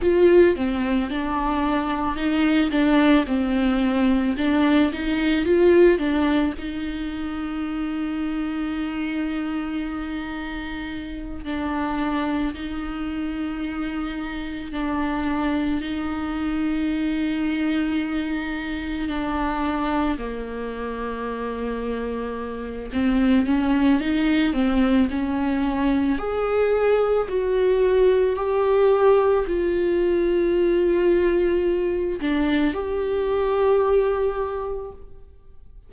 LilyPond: \new Staff \with { instrumentName = "viola" } { \time 4/4 \tempo 4 = 55 f'8 c'8 d'4 dis'8 d'8 c'4 | d'8 dis'8 f'8 d'8 dis'2~ | dis'2~ dis'8 d'4 dis'8~ | dis'4. d'4 dis'4.~ |
dis'4. d'4 ais4.~ | ais4 c'8 cis'8 dis'8 c'8 cis'4 | gis'4 fis'4 g'4 f'4~ | f'4. d'8 g'2 | }